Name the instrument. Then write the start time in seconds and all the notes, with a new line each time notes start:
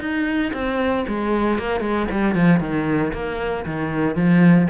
cello
0.00 D#4
0.53 C4
1.08 G#3
1.58 A#3
1.80 G#3
2.11 G3
2.35 F3
2.60 D#3
3.13 A#3
3.65 D#3
4.16 F3